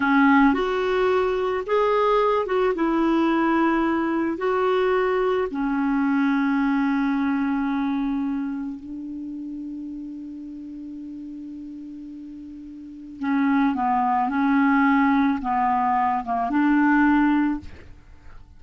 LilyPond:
\new Staff \with { instrumentName = "clarinet" } { \time 4/4 \tempo 4 = 109 cis'4 fis'2 gis'4~ | gis'8 fis'8 e'2. | fis'2 cis'2~ | cis'1 |
d'1~ | d'1 | cis'4 b4 cis'2 | b4. ais8 d'2 | }